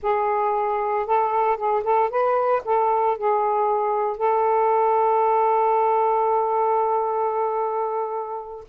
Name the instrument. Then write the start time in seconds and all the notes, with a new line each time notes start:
saxophone
0.02 G#4
1.06 A4
1.56 G#4
1.83 A4
2.10 B4
2.65 A4
3.17 G#4
4.17 A4